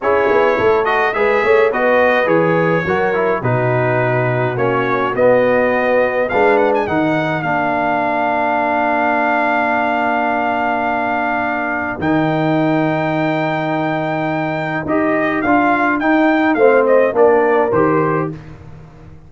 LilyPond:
<<
  \new Staff \with { instrumentName = "trumpet" } { \time 4/4 \tempo 4 = 105 cis''4. dis''8 e''4 dis''4 | cis''2 b'2 | cis''4 dis''2 f''8 fis''16 gis''16 | fis''4 f''2.~ |
f''1~ | f''4 g''2.~ | g''2 dis''4 f''4 | g''4 f''8 dis''8 d''4 c''4 | }
  \new Staff \with { instrumentName = "horn" } { \time 4/4 gis'4 a'4 b'8 cis''8 b'4~ | b'4 ais'4 fis'2~ | fis'2. b'4 | ais'1~ |
ais'1~ | ais'1~ | ais'1~ | ais'4 c''4 ais'2 | }
  \new Staff \with { instrumentName = "trombone" } { \time 4/4 e'4. fis'8 gis'4 fis'4 | gis'4 fis'8 e'8 dis'2 | cis'4 b2 d'4 | dis'4 d'2.~ |
d'1~ | d'4 dis'2.~ | dis'2 g'4 f'4 | dis'4 c'4 d'4 g'4 | }
  \new Staff \with { instrumentName = "tuba" } { \time 4/4 cis'8 b8 a4 gis8 a8 b4 | e4 fis4 b,2 | ais4 b2 gis4 | dis4 ais2.~ |
ais1~ | ais4 dis2.~ | dis2 dis'4 d'4 | dis'4 a4 ais4 dis4 | }
>>